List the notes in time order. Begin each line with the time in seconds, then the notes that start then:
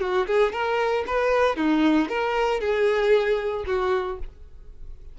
0.00 F#4
0.26 G#4
0.52 A#4
1.06 B4
1.56 D#4
2.08 A#4
2.60 G#4
3.66 F#4